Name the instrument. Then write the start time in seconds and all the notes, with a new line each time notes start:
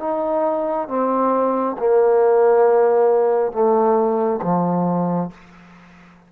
trombone
0.00 D#4
0.88 C4
1.79 A#3
3.52 A3
4.42 F3